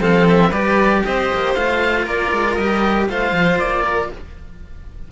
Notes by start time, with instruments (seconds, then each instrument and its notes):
0.00 cello F3 C4, violin A4, oboe F5
0.27 oboe E5
0.49 cello G3 G4, violin B4, oboe D5
1.04 cello C4, violin C5, oboe D#5
1.33 cello A#3
1.54 cello A3 F4, oboe F5
2.04 cello A#3, violin A#4, oboe D5
2.32 cello G#3
2.54 cello G3 G4, oboe D#5
3.09 cello A3 F4, violin C5, oboe F5
3.31 cello F3
3.58 cello A#3, oboe D5
3.82 violin A#4